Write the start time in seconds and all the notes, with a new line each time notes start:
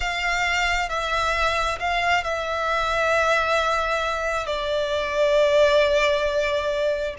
0.00 F5
0.89 E5
1.79 F5
2.23 E5
4.46 D5